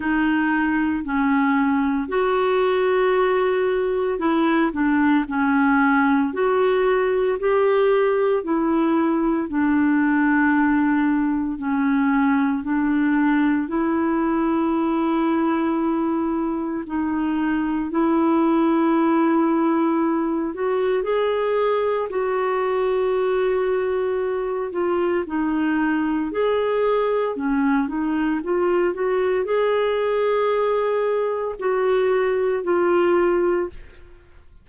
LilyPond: \new Staff \with { instrumentName = "clarinet" } { \time 4/4 \tempo 4 = 57 dis'4 cis'4 fis'2 | e'8 d'8 cis'4 fis'4 g'4 | e'4 d'2 cis'4 | d'4 e'2. |
dis'4 e'2~ e'8 fis'8 | gis'4 fis'2~ fis'8 f'8 | dis'4 gis'4 cis'8 dis'8 f'8 fis'8 | gis'2 fis'4 f'4 | }